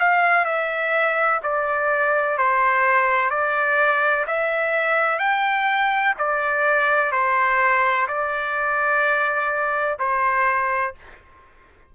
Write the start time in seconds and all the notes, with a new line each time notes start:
0.00 F5
0.46 E5
1.43 D5
2.38 C5
3.31 D5
4.27 E5
5.19 G5
6.19 D5
7.12 C5
8.08 D5
10.00 C5